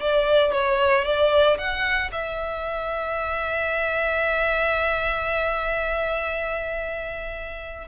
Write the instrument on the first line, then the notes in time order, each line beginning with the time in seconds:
violin
0.00 D5
0.52 C#5
1.05 D5
1.58 F#5
2.11 E5